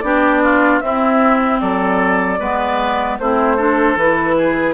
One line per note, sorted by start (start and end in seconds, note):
0.00 0.81 B3
0.00 0.81 D4
0.00 0.43 G4
0.00 0.79 D5
0.43 0.82 F4
0.79 1.60 C4
0.79 2.39 C4
0.79 1.61 E4
0.79 1.58 E5
1.60 2.39 F#3
1.60 2.39 A4
1.60 3.18 D5
2.39 3.18 G#3
2.39 3.19 B3
2.39 3.18 B4
3.19 3.95 A3
3.19 3.57 C4
3.19 3.56 E4
3.19 3.98 C5
3.56 3.97 D4
3.56 4.35 A4
3.95 4.73 E3
3.95 4.73 E4
3.95 4.73 B4
4.37 4.73 G#4